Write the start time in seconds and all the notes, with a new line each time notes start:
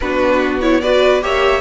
0.00 B3 D4 F#4 B4
0.61 E4 C#5
0.80 F#4 B4 D5
1.21 A#3 G4 C#5 E5